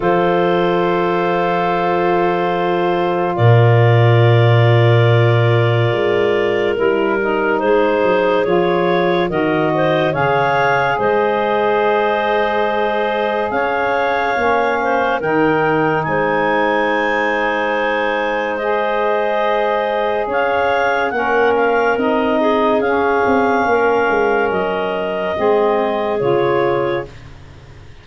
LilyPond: <<
  \new Staff \with { instrumentName = "clarinet" } { \time 4/4 \tempo 4 = 71 c''1 | d''1 | ais'4 c''4 cis''4 dis''4 | f''4 dis''2. |
f''2 g''4 gis''4~ | gis''2 dis''2 | f''4 fis''8 f''8 dis''4 f''4~ | f''4 dis''2 cis''4 | }
  \new Staff \with { instrumentName = "clarinet" } { \time 4/4 a'1 | ais'1~ | ais'4 gis'2 ais'8 c''8 | cis''4 c''2. |
cis''4. c''8 ais'4 c''4~ | c''1 | cis''4 ais'4. gis'4. | ais'2 gis'2 | }
  \new Staff \with { instrumentName = "saxophone" } { \time 4/4 f'1~ | f'1 | e'8 dis'4. f'4 fis'4 | gis'1~ |
gis'4 cis'4 dis'2~ | dis'2 gis'2~ | gis'4 cis'4 dis'4 cis'4~ | cis'2 c'4 f'4 | }
  \new Staff \with { instrumentName = "tuba" } { \time 4/4 f1 | ais,2. gis4 | g4 gis8 fis8 f4 dis4 | cis4 gis2. |
cis'4 ais4 dis4 gis4~ | gis1 | cis'4 ais4 c'4 cis'8 c'8 | ais8 gis8 fis4 gis4 cis4 | }
>>